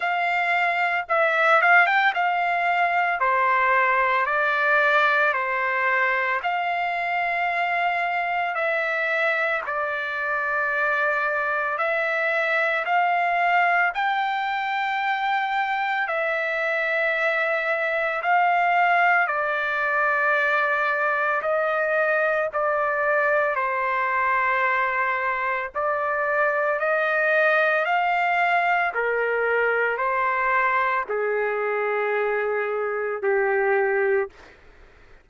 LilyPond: \new Staff \with { instrumentName = "trumpet" } { \time 4/4 \tempo 4 = 56 f''4 e''8 f''16 g''16 f''4 c''4 | d''4 c''4 f''2 | e''4 d''2 e''4 | f''4 g''2 e''4~ |
e''4 f''4 d''2 | dis''4 d''4 c''2 | d''4 dis''4 f''4 ais'4 | c''4 gis'2 g'4 | }